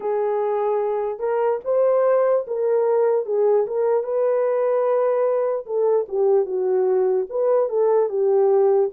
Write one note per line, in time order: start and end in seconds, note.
0.00 1.19 G#4
1.19 1.59 A#4
1.64 2.45 C5
2.47 3.25 A#4
3.25 3.66 G#4
3.67 4.03 A#4
4.03 5.65 B4
5.65 6.06 A4
6.08 6.45 G4
6.45 7.26 F#4
7.29 7.69 B4
7.69 8.09 A4
8.09 8.90 G4